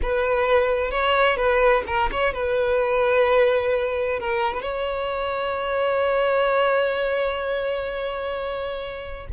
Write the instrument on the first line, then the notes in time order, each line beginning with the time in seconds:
violin
0.02 B4
0.90 C#5
1.36 B4
1.86 A#4
2.11 C#5
2.33 B4
4.19 A#4
4.53 B4
4.62 C#5